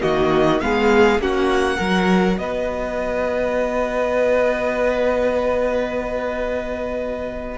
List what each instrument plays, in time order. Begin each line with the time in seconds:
0.00 cello D#3, viola A#3, violin F#4 D#5
0.60 cello G#3, viola B3, violin G#4 F5
1.19 cello A#3, viola C#4, violin F#4 F#5
1.77 cello F#3, viola F#4, violin A#4
2.38 cello B3, violin B4 D#5